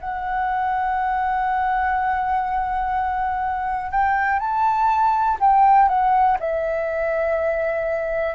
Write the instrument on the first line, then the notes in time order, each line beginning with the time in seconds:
flute
0.00 F#5
3.91 G5
4.39 A5
5.40 G5
5.88 F#5
6.40 E5